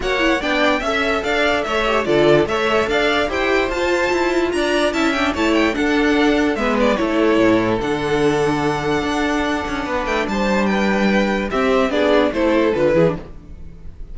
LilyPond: <<
  \new Staff \with { instrumentName = "violin" } { \time 4/4 \tempo 4 = 146 fis''4 g''4 e''4 f''4 | e''4 d''4 e''4 f''4 | g''4 a''2 ais''4 | a''8 g''8 a''8 g''8 fis''2 |
e''8 d''8 cis''2 fis''4~ | fis''1~ | fis''8 g''8 a''4 g''2 | e''4 d''4 c''4 b'4 | }
  \new Staff \with { instrumentName = "violin" } { \time 4/4 cis''4 d''4 e''4 d''4 | cis''4 a'4 cis''4 d''4 | c''2. d''4 | e''4 cis''4 a'2 |
b'4 a'2.~ | a'1 | b'4 c''4 b'2 | g'4 gis'4 a'4. gis'8 | }
  \new Staff \with { instrumentName = "viola" } { \time 4/4 fis'8 e'8 d'4 a'2~ | a'8 g'8 f'4 a'2 | g'4 f'2. | e'8 d'8 e'4 d'2 |
b4 e'2 d'4~ | d'1~ | d'1 | c'4 d'4 e'4 f'8 e'16 d'16 | }
  \new Staff \with { instrumentName = "cello" } { \time 4/4 ais4 b4 cis'4 d'4 | a4 d4 a4 d'4 | e'4 f'4 e'4 d'4 | cis'4 a4 d'2 |
gis4 a4 a,4 d4~ | d2 d'4. cis'8 | b8 a8 g2. | c'4 b4 a4 d8 e8 | }
>>